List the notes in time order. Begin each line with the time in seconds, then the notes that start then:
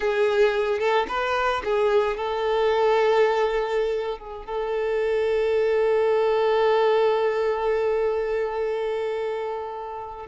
0.00 G#4
0.79 A4
1.08 B4
1.64 G#4
2.16 A4
4.18 G#4
4.45 A4